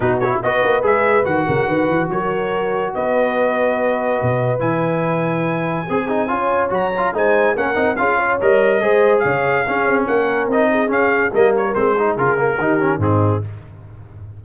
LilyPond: <<
  \new Staff \with { instrumentName = "trumpet" } { \time 4/4 \tempo 4 = 143 b'8 cis''8 dis''4 e''4 fis''4~ | fis''4 cis''2 dis''4~ | dis''2. gis''4~ | gis''1 |
ais''4 gis''4 fis''4 f''4 | dis''2 f''2 | fis''4 dis''4 f''4 dis''8 cis''8 | c''4 ais'2 gis'4 | }
  \new Staff \with { instrumentName = "horn" } { \time 4/4 fis'4 b'2~ b'8 ais'8 | b'4 ais'2 b'4~ | b'1~ | b'2 gis'4 cis''4~ |
cis''4 c''4 ais'4 gis'8 cis''8~ | cis''4 c''4 cis''4 gis'4 | ais'4. gis'4. ais'4~ | ais'8 gis'4. g'4 dis'4 | }
  \new Staff \with { instrumentName = "trombone" } { \time 4/4 dis'8 e'8 fis'4 gis'4 fis'4~ | fis'1~ | fis'2. e'4~ | e'2 gis'8 dis'8 f'4 |
fis'8 f'8 dis'4 cis'8 dis'8 f'4 | ais'4 gis'2 cis'4~ | cis'4 dis'4 cis'4 ais4 | c'8 dis'8 f'8 ais8 dis'8 cis'8 c'4 | }
  \new Staff \with { instrumentName = "tuba" } { \time 4/4 b,4 b8 ais8 gis4 dis8 cis8 | dis8 e8 fis2 b4~ | b2 b,4 e4~ | e2 c'4 cis'4 |
fis4 gis4 ais8 c'8 cis'4 | g4 gis4 cis4 cis'8 c'8 | ais4 c'4 cis'4 g4 | gis4 cis4 dis4 gis,4 | }
>>